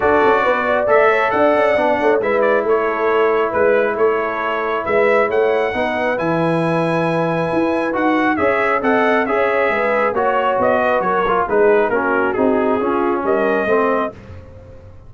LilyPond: <<
  \new Staff \with { instrumentName = "trumpet" } { \time 4/4 \tempo 4 = 136 d''2 e''4 fis''4~ | fis''4 e''8 d''8 cis''2 | b'4 cis''2 e''4 | fis''2 gis''2~ |
gis''2 fis''4 e''4 | fis''4 e''2 cis''4 | dis''4 cis''4 b'4 ais'4 | gis'2 dis''2 | }
  \new Staff \with { instrumentName = "horn" } { \time 4/4 a'4 b'8 d''4 cis''8 d''4~ | d''8 cis''8 b'4 a'2 | b'4 a'2 b'4 | cis''4 b'2.~ |
b'2. cis''4 | dis''4 cis''4 b'4 cis''4~ | cis''8 b'8 ais'4 gis'4 fis'4~ | fis'4 f'4 ais'4 c''4 | }
  \new Staff \with { instrumentName = "trombone" } { \time 4/4 fis'2 a'2 | d'4 e'2.~ | e'1~ | e'4 dis'4 e'2~ |
e'2 fis'4 gis'4 | a'4 gis'2 fis'4~ | fis'4. f'8 dis'4 cis'4 | dis'4 cis'2 c'4 | }
  \new Staff \with { instrumentName = "tuba" } { \time 4/4 d'8 cis'8 b4 a4 d'8 cis'8 | b8 a8 gis4 a2 | gis4 a2 gis4 | a4 b4 e2~ |
e4 e'4 dis'4 cis'4 | c'4 cis'4 gis4 ais4 | b4 fis4 gis4 ais4 | c'4 cis'4 g4 a4 | }
>>